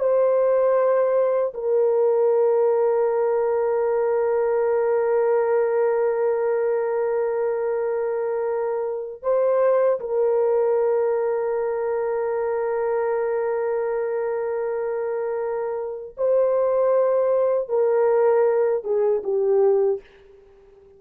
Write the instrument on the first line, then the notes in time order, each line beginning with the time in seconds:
horn
0.00 C5
1.54 A#4
9.23 C5
10.00 A#4
16.17 C5
17.69 A#4
18.84 G#4
19.24 G4